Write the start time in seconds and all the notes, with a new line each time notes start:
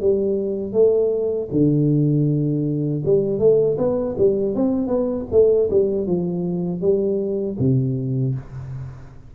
0.00 G3
0.72 A3
1.51 D3
3.05 G3
3.38 A3
3.77 B3
4.17 G3
4.54 C4
4.87 B3
5.31 A3
5.70 G3
6.06 F3
6.81 G3
7.58 C3